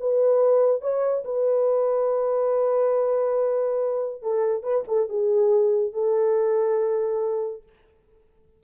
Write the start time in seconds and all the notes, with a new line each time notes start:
0.00 B4
0.81 C#5
1.25 B4
4.22 A4
4.63 B4
4.88 A4
5.09 G#4
5.93 A4